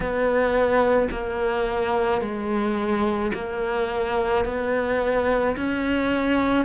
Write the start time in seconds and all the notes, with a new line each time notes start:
0.00 B3
1.11 A#3
2.21 G#3
3.33 A#3
4.44 B3
5.56 C#4